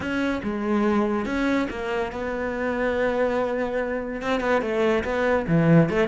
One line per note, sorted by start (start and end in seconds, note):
0.00 0.41 C#4
0.43 1.25 G#3
1.25 1.67 C#4
1.70 2.12 A#3
2.12 4.21 B3
4.21 4.40 C4
4.40 4.61 B3
4.61 5.03 A3
5.04 5.46 B3
5.47 5.89 E3
5.89 6.07 A3